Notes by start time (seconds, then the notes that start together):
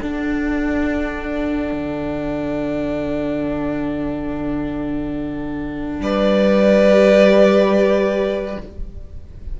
0.00 D4 A4 F#5
1.72 D3
6.00 G3 B4 D5
6.87 G4